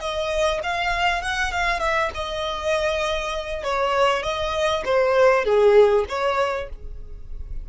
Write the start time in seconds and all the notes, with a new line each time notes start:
0.00 D#5
0.64 F5
1.22 F#5
1.52 F5
1.80 E5
2.15 D#5
3.64 C#5
4.23 D#5
4.85 C5
5.45 G#4
6.09 C#5